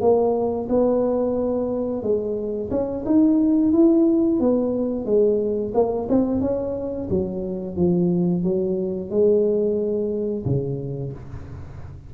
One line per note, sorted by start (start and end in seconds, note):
0.00 0.67 A#3
0.69 2.02 B3
2.02 2.70 G#3
2.70 3.04 C#4
3.05 3.72 D#4
3.72 4.39 E4
4.40 5.05 B3
5.05 5.72 G#3
5.74 6.08 A#3
6.09 6.40 C4
6.40 7.08 C#4
7.09 7.76 F#3
7.76 8.43 F3
8.43 9.10 F#3
9.10 10.45 G#3
10.45 11.12 C#3